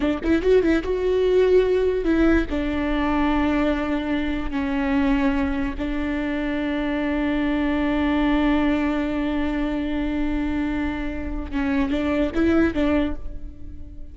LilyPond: \new Staff \with { instrumentName = "viola" } { \time 4/4 \tempo 4 = 146 d'8 e'8 fis'8 e'8 fis'2~ | fis'4 e'4 d'2~ | d'2. cis'4~ | cis'2 d'2~ |
d'1~ | d'1~ | d'1 | cis'4 d'4 e'4 d'4 | }